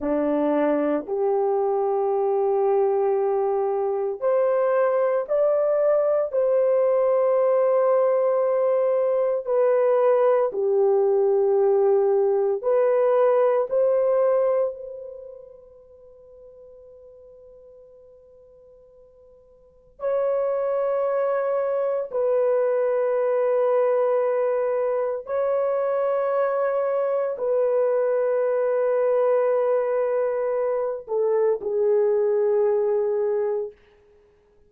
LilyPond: \new Staff \with { instrumentName = "horn" } { \time 4/4 \tempo 4 = 57 d'4 g'2. | c''4 d''4 c''2~ | c''4 b'4 g'2 | b'4 c''4 b'2~ |
b'2. cis''4~ | cis''4 b'2. | cis''2 b'2~ | b'4. a'8 gis'2 | }